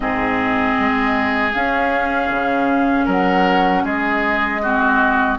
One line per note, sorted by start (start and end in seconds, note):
0.00 0.75 G#2
0.00 1.52 C4
0.00 3.05 G#4
0.00 1.52 D#5
0.79 1.54 G#3
1.53 4.61 C#4
1.53 2.30 C#4
1.53 3.07 F5
2.30 3.06 C#3
3.05 3.83 F#3
3.05 3.82 A#4
3.05 3.85 F#5
3.84 5.37 G#3
3.84 4.61 G#4
3.84 5.38 D#5
4.62 5.38 C4
4.62 5.38 F#4